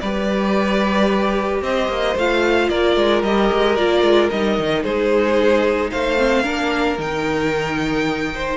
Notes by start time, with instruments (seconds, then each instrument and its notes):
0.00 cello G3, viola G4, violin B4 D5
1.62 cello C4, violin C5 D#5
1.88 cello A#3
2.16 cello A3, viola F4, violin F5
2.69 cello A#3, violin A#4 D5
2.96 cello G#3
3.23 cello G3, viola G4, violin D#5
3.52 cello G#3
3.76 cello A#3, viola F4, violin D5
4.02 cello G#3
4.30 cello G3, viola D#4, violin D#5
4.59 cello D#3
4.83 cello G#3, violin G#4 C5
5.91 cello A3, violin C5 F5
6.18 viola C4
6.43 cello A#3, viola D4, violin A#4
6.98 cello D#3, viola D#4, violin G5
8.34 violin C5